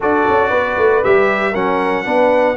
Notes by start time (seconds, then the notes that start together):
0.00 D4 F#4 A4 D5
0.29 C#4
0.49 B3 B4
0.77 A3
1.04 G3 G4 E5
1.51 F#3 C#4 A#4 F#5
2.04 B3 D4 B4